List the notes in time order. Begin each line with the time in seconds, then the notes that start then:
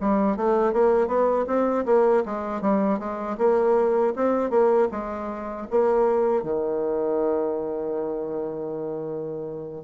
0.00 G3
0.36 A3
0.72 A#3
1.07 B3
1.46 C4
1.85 A#3
2.25 G#3
2.61 G3
2.99 G#3
3.38 A#3
4.16 C4
4.50 A#3
4.91 G#3
5.70 A#3
6.42 D#3